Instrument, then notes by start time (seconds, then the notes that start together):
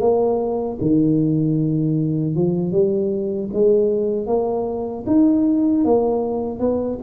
tuba
0.00 A#3
0.81 D#3
2.35 F3
2.72 G3
3.53 G#3
4.27 A#3
5.07 D#4
5.85 A#3
6.60 B3